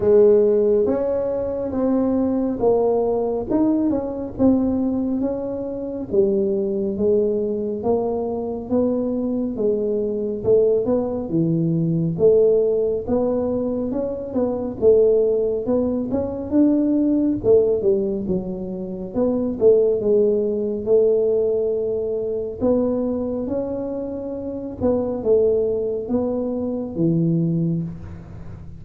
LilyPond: \new Staff \with { instrumentName = "tuba" } { \time 4/4 \tempo 4 = 69 gis4 cis'4 c'4 ais4 | dis'8 cis'8 c'4 cis'4 g4 | gis4 ais4 b4 gis4 | a8 b8 e4 a4 b4 |
cis'8 b8 a4 b8 cis'8 d'4 | a8 g8 fis4 b8 a8 gis4 | a2 b4 cis'4~ | cis'8 b8 a4 b4 e4 | }